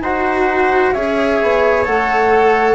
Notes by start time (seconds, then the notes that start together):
0.00 D#4 F#4 C5 F#5
0.93 C#4 G#4 C#5 E5
1.42 B3
1.85 A3 A4 F#5